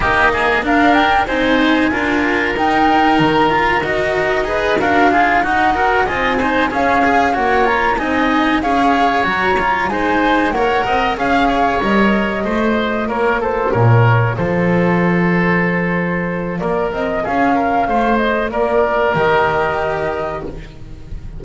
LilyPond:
<<
  \new Staff \with { instrumentName = "flute" } { \time 4/4 \tempo 4 = 94 dis''4 f''8 g''8 gis''2 | g''4 ais''4 dis''4. f''8~ | f''8 fis''4 gis''4 f''4 fis''8 | ais''8 gis''4 f''4 ais''4 gis''8~ |
gis''8 fis''4 f''4 dis''4.~ | dis''8 cis''8 c''8 cis''4 c''4.~ | c''2 d''8 dis''8 f''4~ | f''8 dis''8 d''4 dis''2 | }
  \new Staff \with { instrumentName = "oboe" } { \time 4/4 g'8 gis'8 ais'4 c''4 ais'4~ | ais'2. b'8 ais'8 | gis'8 fis'8 ais'8 dis''8 c''8 gis'4 cis''8~ | cis''8 dis''4 cis''2 c''8~ |
c''8 cis''8 dis''8 f''8 cis''4. c''8~ | c''8 ais'8 a'8 ais'4 a'4.~ | a'2 ais'4 gis'8 ais'8 | c''4 ais'2. | }
  \new Staff \with { instrumentName = "cello" } { \time 4/4 ais4 d'4 dis'4 f'4 | dis'4. f'8 fis'4 gis'8 fis'8 | f'8 dis'8 fis'8 f'8 dis'8 cis'8 gis'8 fis'8 | f'8 dis'4 gis'4 fis'8 f'8 dis'8~ |
dis'8 ais'4 gis'4 ais'4 f'8~ | f'1~ | f'1~ | f'2 g'2 | }
  \new Staff \with { instrumentName = "double bass" } { \time 4/4 dis'4 d'4 c'4 d'4 | dis'4 dis4 dis'4. d'8~ | d'8 dis'4 c'4 cis'4 ais8~ | ais8 c'4 cis'4 fis4 gis8~ |
gis8 ais8 c'8 cis'4 g4 a8~ | a8 ais4 ais,4 f4.~ | f2 ais8 c'8 cis'4 | a4 ais4 dis2 | }
>>